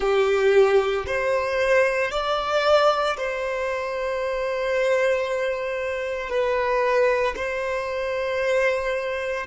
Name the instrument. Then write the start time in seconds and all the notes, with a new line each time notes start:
violin
0.00 G4
1.06 C5
2.11 D5
3.17 C5
6.29 B4
7.35 C5